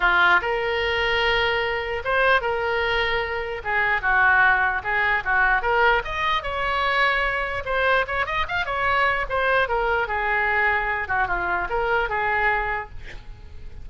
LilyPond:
\new Staff \with { instrumentName = "oboe" } { \time 4/4 \tempo 4 = 149 f'4 ais'2.~ | ais'4 c''4 ais'2~ | ais'4 gis'4 fis'2 | gis'4 fis'4 ais'4 dis''4 |
cis''2. c''4 | cis''8 dis''8 f''8 cis''4. c''4 | ais'4 gis'2~ gis'8 fis'8 | f'4 ais'4 gis'2 | }